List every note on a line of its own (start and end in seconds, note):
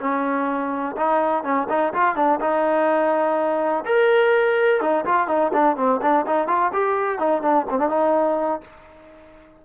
0.00 0.96 C#4
0.97 1.44 D#4
1.44 1.68 C#4
1.69 1.93 D#4
1.94 2.16 F4
2.16 2.40 D4
2.40 3.84 D#4
3.85 4.81 A#4
4.81 5.05 D#4
5.05 5.28 F4
5.28 5.52 D#4
5.53 5.76 D4
5.76 6.00 C4
6.02 6.26 D4
6.27 6.48 D#4
6.48 6.72 F4
6.73 7.19 G4
7.19 7.42 D#4
7.42 7.66 D4
7.70 7.79 C4
7.79 7.89 D4
7.89 8.61 D#4